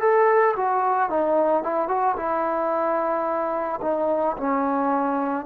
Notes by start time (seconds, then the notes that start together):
0.00 A4
0.56 F#4
1.09 D#4
1.63 E4
1.88 F#4
2.16 E4
3.81 D#4
4.37 C#4